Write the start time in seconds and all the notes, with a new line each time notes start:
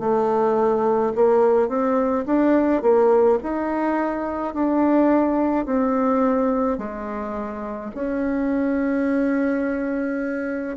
0.00 A3
1.16 A#3
1.69 C4
2.26 D4
2.83 A#3
3.43 D#4
4.54 D4
5.66 C4
6.79 G#3
7.95 C#4